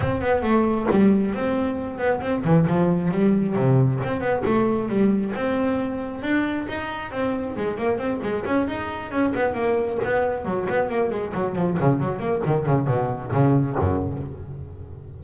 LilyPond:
\new Staff \with { instrumentName = "double bass" } { \time 4/4 \tempo 4 = 135 c'8 b8 a4 g4 c'4~ | c'8 b8 c'8 e8 f4 g4 | c4 c'8 b8 a4 g4 | c'2 d'4 dis'4 |
c'4 gis8 ais8 c'8 gis8 cis'8 dis'8~ | dis'8 cis'8 b8 ais4 b4 fis8 | b8 ais8 gis8 fis8 f8 cis8 fis8 ais8 | dis8 cis8 b,4 cis4 fis,4 | }